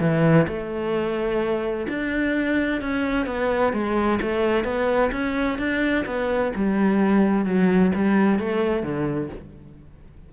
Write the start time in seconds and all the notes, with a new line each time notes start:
0.00 E3
0.47 A3
1.88 D4
2.81 C#4
3.26 B3
3.73 G#3
4.21 A3
4.64 B3
5.12 C#4
5.58 D4
6.05 B3
6.55 G3
7.45 F#3
7.95 G3
8.38 A3
8.83 D3